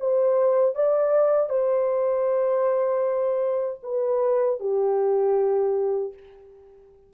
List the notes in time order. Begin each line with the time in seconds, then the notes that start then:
0.00 C5
0.76 D5
1.50 C5
3.84 B4
4.60 G4